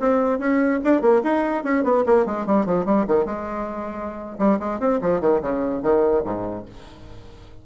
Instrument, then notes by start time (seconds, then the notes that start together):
bassoon
0.00 C4
0.39 C#4
0.85 D4
1.02 A#3
1.24 D#4
1.64 C#4
1.84 B3
2.06 A#3
2.26 G#3
2.47 G3
2.66 F3
2.86 G3
3.08 D#3
3.26 G#3
4.39 G3
4.60 G#3
4.80 C4
5.02 F3
5.21 D#3
5.42 C#3
5.83 D#3
6.25 G#2